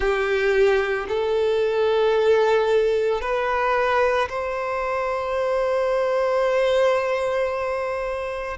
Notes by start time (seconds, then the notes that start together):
0.00 G4
1.08 A4
3.21 B4
4.29 C5